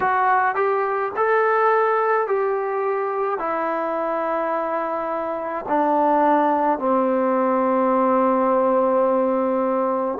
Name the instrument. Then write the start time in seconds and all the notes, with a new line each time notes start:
trombone
0.00 F#4
0.55 G4
1.16 A4
2.26 G4
3.38 E4
5.68 D4
6.79 C4